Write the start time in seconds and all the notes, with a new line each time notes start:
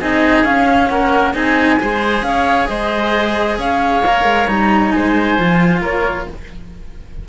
0.00 C4 D#4 G#4 D#5
0.44 C#4 F5
0.88 A#3 A#4 F#5
1.34 C4 D#4 G#4 G#5
1.80 G#3 G#4 C5
2.22 C#4 C#5 F5
2.68 G#3 C5 D#5
3.58 C#4 C#5 F5
4.05 A#3 A#4
4.24 G#3
4.47 G3 D#4 A#5
4.91 G#3 C5 G#5
5.38 F3 F4
5.82 A#3 A#4 C#5